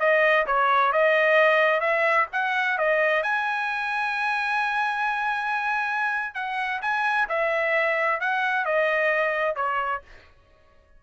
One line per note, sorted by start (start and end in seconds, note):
0.00 0.46 D#5
0.47 0.93 C#5
0.93 1.81 D#5
1.81 2.27 E5
2.33 2.78 F#5
2.78 3.23 D#5
3.23 6.35 G#5
6.35 6.81 F#5
6.82 7.28 G#5
7.29 8.21 E5
8.21 8.65 F#5
8.65 9.56 D#5
9.56 10.02 C#5